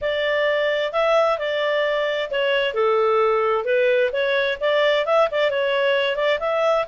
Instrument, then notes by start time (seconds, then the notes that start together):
clarinet
0.01 D5
0.92 E5
1.38 D5
2.30 C#5
2.74 A4
3.65 B4
4.12 C#5
4.60 D5
5.05 E5
5.31 D5
5.50 C#5
6.16 D5
6.39 E5